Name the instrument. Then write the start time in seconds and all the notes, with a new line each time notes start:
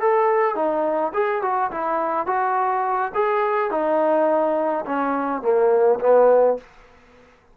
trombone
0.00 A4
0.55 D#4
1.13 G#4
1.42 F#4
1.71 E4
2.26 F#4
3.14 G#4
3.70 D#4
4.85 C#4
5.42 A#3
5.99 B3